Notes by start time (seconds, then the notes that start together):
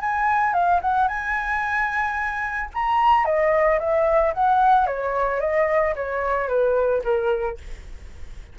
0.00 G#5
0.53 F5
0.81 F#5
1.07 G#5
2.74 A#5
3.24 D#5
3.79 E5
4.33 F#5
4.86 C#5
5.40 D#5
5.95 C#5
6.48 B4
7.03 A#4